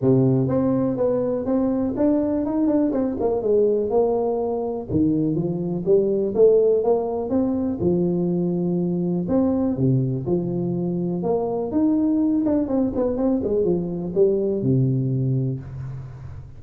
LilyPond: \new Staff \with { instrumentName = "tuba" } { \time 4/4 \tempo 4 = 123 c4 c'4 b4 c'4 | d'4 dis'8 d'8 c'8 ais8 gis4 | ais2 dis4 f4 | g4 a4 ais4 c'4 |
f2. c'4 | c4 f2 ais4 | dis'4. d'8 c'8 b8 c'8 gis8 | f4 g4 c2 | }